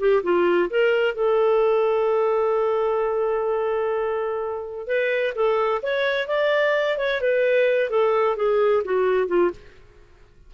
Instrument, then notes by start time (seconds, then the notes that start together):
clarinet
0.00 G4
0.23 F4
0.70 A#4
1.15 A4
4.88 B4
5.35 A4
5.83 C#5
6.28 D5
6.98 C#5
7.21 B4
7.90 A4
8.37 G#4
8.85 F#4
9.28 F4